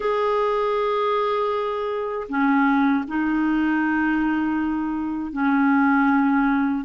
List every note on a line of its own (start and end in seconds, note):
0.00 2.27 G#4
2.28 3.04 C#4
3.07 5.32 D#4
5.32 6.84 C#4